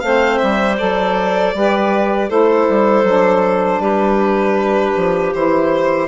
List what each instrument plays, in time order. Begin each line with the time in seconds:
0.00 bassoon A3, saxophone C4, clarinet C5, violin F5
0.38 bassoon G3, violin E5
0.78 bassoon F#3, saxophone A4, violin D5
1.54 bassoon G3, saxophone G4, clarinet B4
2.29 bassoon A3, saxophone E4, clarinet A4, violin C5
2.69 bassoon G3
3.04 bassoon F#3, saxophone D4
3.79 bassoon G3, clarinet G4, violin B4
4.97 bassoon F3
5.34 bassoon E3, saxophone E4, violin C5